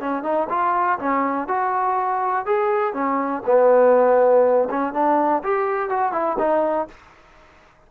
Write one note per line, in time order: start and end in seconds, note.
0.00 0.23 C#4
0.23 0.48 D#4
0.50 0.99 F4
0.99 1.48 C#4
1.48 2.46 F#4
2.46 2.94 G#4
2.94 3.43 C#4
3.46 4.69 B3
4.70 4.93 C#4
4.93 5.43 D4
5.43 5.89 G4
5.89 6.12 F#4
6.12 6.37 E4
6.39 6.88 D#4